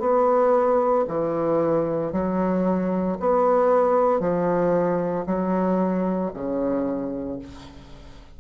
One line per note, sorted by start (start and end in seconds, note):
0.00 1.05 B3
1.08 2.12 E3
2.12 3.18 F#3
3.20 4.20 B3
4.20 5.25 F3
5.26 6.32 F#3
6.34 7.39 C#3